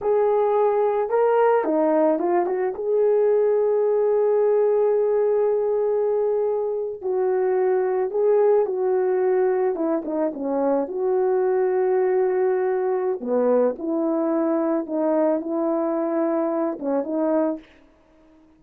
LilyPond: \new Staff \with { instrumentName = "horn" } { \time 4/4 \tempo 4 = 109 gis'2 ais'4 dis'4 | f'8 fis'8 gis'2.~ | gis'1~ | gis'8. fis'2 gis'4 fis'16~ |
fis'4.~ fis'16 e'8 dis'8 cis'4 fis'16~ | fis'1 | b4 e'2 dis'4 | e'2~ e'8 cis'8 dis'4 | }